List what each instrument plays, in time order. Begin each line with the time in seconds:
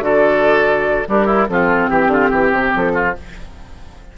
0.00 bassoon D3, clarinet F#4, oboe A4, flute D5
1.08 bassoon G3, oboe D4, clarinet G4, flute A#4
1.26 oboe E4
1.48 bassoon F3, clarinet C4, oboe F4, flute A4
1.89 bassoon E3, flute G4, oboe G4
2.08 bassoon D3, oboe F4
2.30 bassoon E3, oboe G4
2.51 bassoon C3
2.76 bassoon F3, flute A4
2.94 oboe F4